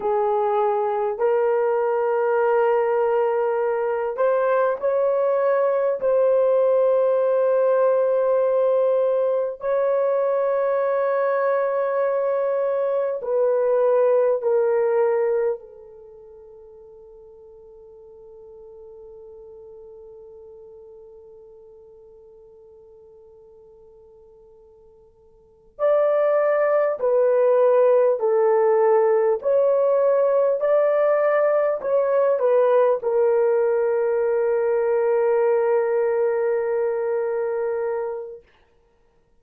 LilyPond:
\new Staff \with { instrumentName = "horn" } { \time 4/4 \tempo 4 = 50 gis'4 ais'2~ ais'8 c''8 | cis''4 c''2. | cis''2. b'4 | ais'4 a'2.~ |
a'1~ | a'4. d''4 b'4 a'8~ | a'8 cis''4 d''4 cis''8 b'8 ais'8~ | ais'1 | }